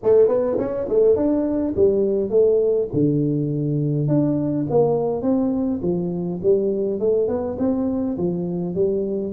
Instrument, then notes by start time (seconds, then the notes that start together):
tuba
0.03 A3
0.28 B3
0.58 C#4
0.88 A3
1.16 D4
1.76 G3
2.30 A3
2.93 D3
4.08 D4
4.69 A#3
5.22 C4
5.81 F3
6.42 G3
6.99 A3
7.28 B3
7.59 C4
8.17 F3
8.74 G3